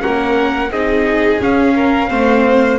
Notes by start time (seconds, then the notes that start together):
0.00 C#4 A#4 F#5
0.06 A#3
0.70 C4 D#4 G#4 D#5
1.41 C#4 F5
1.76 A#4
2.09 A3 C4 C5